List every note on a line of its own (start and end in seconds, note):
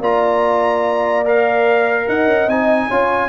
0.00 2.05 A#3
0.00 1.25 F4
0.00 2.06 D5
0.00 1.26 A#5
1.25 2.48 A#4
1.25 2.09 F5
2.08 2.27 D#4
2.08 2.87 D#5
2.08 2.49 F#5
2.27 2.47 C#4
2.47 2.88 C4
2.47 2.90 D#4
2.47 3.29 G#5
2.87 3.29 C#4
2.87 3.29 F4
2.87 3.28 C#5